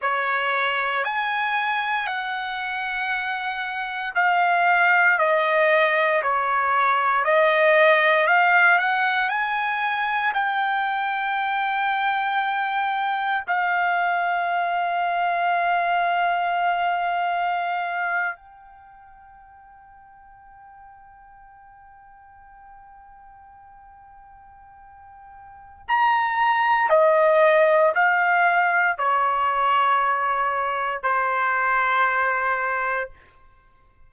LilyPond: \new Staff \with { instrumentName = "trumpet" } { \time 4/4 \tempo 4 = 58 cis''4 gis''4 fis''2 | f''4 dis''4 cis''4 dis''4 | f''8 fis''8 gis''4 g''2~ | g''4 f''2.~ |
f''4.~ f''16 g''2~ g''16~ | g''1~ | g''4 ais''4 dis''4 f''4 | cis''2 c''2 | }